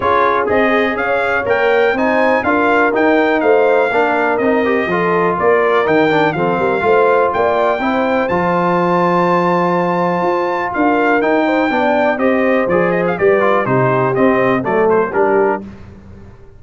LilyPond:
<<
  \new Staff \with { instrumentName = "trumpet" } { \time 4/4 \tempo 4 = 123 cis''4 dis''4 f''4 g''4 | gis''4 f''4 g''4 f''4~ | f''4 dis''2 d''4 | g''4 f''2 g''4~ |
g''4 a''2.~ | a''2 f''4 g''4~ | g''4 dis''4 d''8 dis''16 f''16 d''4 | c''4 dis''4 d''8 c''8 ais'4 | }
  \new Staff \with { instrumentName = "horn" } { \time 4/4 gis'2 cis''2 | c''4 ais'2 c''4 | ais'2 a'4 ais'4~ | ais'4 a'8 ais'8 c''4 d''4 |
c''1~ | c''2 ais'4. c''8 | d''4 c''2 b'4 | g'2 a'4 g'4 | }
  \new Staff \with { instrumentName = "trombone" } { \time 4/4 f'4 gis'2 ais'4 | dis'4 f'4 dis'2 | d'4 dis'8 g'8 f'2 | dis'8 d'8 c'4 f'2 |
e'4 f'2.~ | f'2. dis'4 | d'4 g'4 gis'4 g'8 f'8 | dis'4 c'4 a4 d'4 | }
  \new Staff \with { instrumentName = "tuba" } { \time 4/4 cis'4 c'4 cis'4 ais4 | c'4 d'4 dis'4 a4 | ais4 c'4 f4 ais4 | dis4 f8 g8 a4 ais4 |
c'4 f2.~ | f4 f'4 d'4 dis'4 | b4 c'4 f4 g4 | c4 c'4 fis4 g4 | }
>>